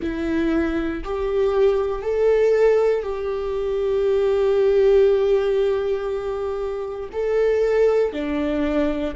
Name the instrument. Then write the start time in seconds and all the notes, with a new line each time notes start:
viola
0.01 E4
1.04 G4
2.02 A4
3.02 G4
7.12 A4
8.13 D4